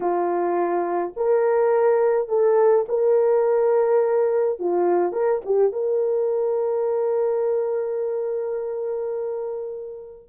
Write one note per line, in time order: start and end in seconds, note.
0.00 1.12 F4
1.16 2.28 A#4
2.28 2.85 A4
2.88 4.59 A#4
4.59 5.12 F4
5.12 5.41 A#4
5.45 5.72 G4
5.72 10.29 A#4